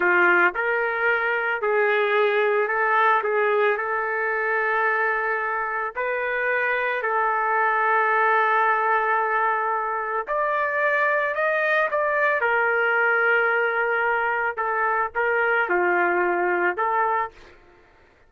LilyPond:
\new Staff \with { instrumentName = "trumpet" } { \time 4/4 \tempo 4 = 111 f'4 ais'2 gis'4~ | gis'4 a'4 gis'4 a'4~ | a'2. b'4~ | b'4 a'2.~ |
a'2. d''4~ | d''4 dis''4 d''4 ais'4~ | ais'2. a'4 | ais'4 f'2 a'4 | }